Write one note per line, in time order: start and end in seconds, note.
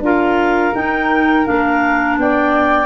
0.00 0.71 D4
0.00 0.74 F4
0.00 2.18 A#4
0.00 0.75 F5
0.74 1.44 D#4
0.74 1.46 D#4
0.74 1.46 G5
1.44 2.18 A#3
1.44 2.85 D4
1.44 2.17 F5
2.18 2.85 B3
2.18 2.85 D5
2.18 2.85 G5